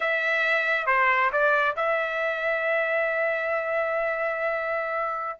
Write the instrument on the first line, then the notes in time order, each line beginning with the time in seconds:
trumpet
0.00 E5
0.86 C5
1.32 D5
1.75 E5